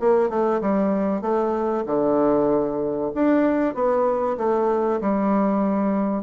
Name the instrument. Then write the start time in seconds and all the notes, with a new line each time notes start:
bassoon
0.00 A#3
0.30 A3
0.61 G3
1.22 A3
1.87 D3
3.15 D4
3.75 B3
4.38 A3
5.01 G3